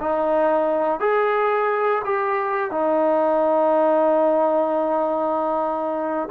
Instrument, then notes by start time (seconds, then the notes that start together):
trombone
0.00 D#4
1.00 G#4
2.04 G4
2.71 D#4